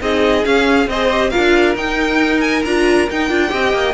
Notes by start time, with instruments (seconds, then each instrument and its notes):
0.00 cello C4, viola D#4, violin G#4 D#5
0.44 viola C#4, cello C#4, violin F5
0.87 cello C4, viola G#4, violin C5 D#5
1.11 viola G4
1.30 viola F4, violin A#4 F5
1.37 cello D4
1.75 cello D#4, viola D#4, violin G5
2.40 violin G#5
2.64 cello D4, viola F4, violin A#5
3.09 cello D#4, viola D#4, violin G5
3.28 cello D4, viola F4
3.49 cello C4, viola G4, violin D#5
3.73 cello A#3